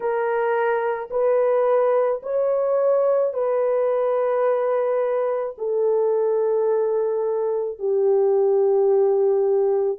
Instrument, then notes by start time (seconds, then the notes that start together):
horn
0.00 A#4
1.10 B4
2.22 C#5
3.33 B4
5.58 A4
7.78 G4